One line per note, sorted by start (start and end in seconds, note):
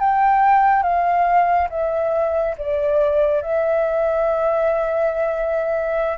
0.00 0.83 G5
0.83 1.68 F5
1.70 2.56 E5
2.58 3.42 D5
3.42 6.18 E5